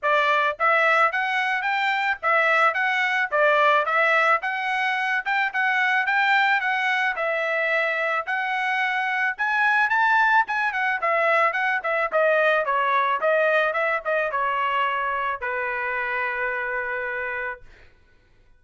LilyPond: \new Staff \with { instrumentName = "trumpet" } { \time 4/4 \tempo 4 = 109 d''4 e''4 fis''4 g''4 | e''4 fis''4 d''4 e''4 | fis''4. g''8 fis''4 g''4 | fis''4 e''2 fis''4~ |
fis''4 gis''4 a''4 gis''8 fis''8 | e''4 fis''8 e''8 dis''4 cis''4 | dis''4 e''8 dis''8 cis''2 | b'1 | }